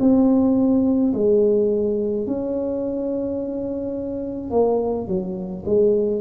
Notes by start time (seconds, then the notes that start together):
0.00 C4
1.14 G#3
2.27 C#4
4.51 A#3
5.08 F#3
5.66 G#3